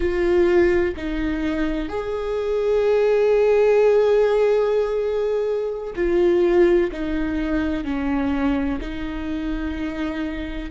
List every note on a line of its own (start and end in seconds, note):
0.00 0.95 F4
0.96 1.88 D#4
1.88 5.93 G#4
5.95 6.90 F4
6.92 7.84 D#4
7.84 8.79 C#4
8.81 10.70 D#4